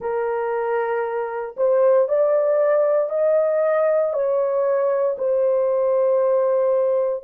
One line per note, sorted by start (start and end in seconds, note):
0.00 1.55 A#4
1.57 2.08 C5
2.08 3.09 D5
3.09 4.13 D#5
4.13 5.16 C#5
5.17 7.24 C5